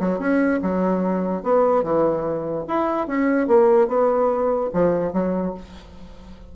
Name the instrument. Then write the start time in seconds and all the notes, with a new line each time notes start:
bassoon
0.00 F#3
0.19 C#4
0.62 F#3
1.43 B3
1.84 E3
2.68 E4
3.07 C#4
3.47 A#3
3.88 B3
4.74 F3
5.13 F#3